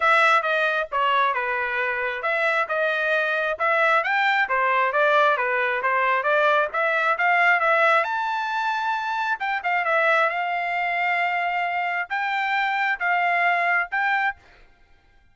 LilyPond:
\new Staff \with { instrumentName = "trumpet" } { \time 4/4 \tempo 4 = 134 e''4 dis''4 cis''4 b'4~ | b'4 e''4 dis''2 | e''4 g''4 c''4 d''4 | b'4 c''4 d''4 e''4 |
f''4 e''4 a''2~ | a''4 g''8 f''8 e''4 f''4~ | f''2. g''4~ | g''4 f''2 g''4 | }